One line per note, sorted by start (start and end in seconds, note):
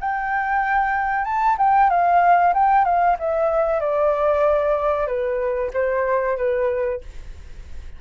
0.00 1.24 G5
1.24 1.56 A5
1.57 1.89 G5
1.89 2.53 F5
2.54 2.84 G5
2.84 3.16 F5
3.19 3.80 E5
3.80 5.07 D5
5.07 5.70 B4
5.73 6.37 C5
6.37 7.00 B4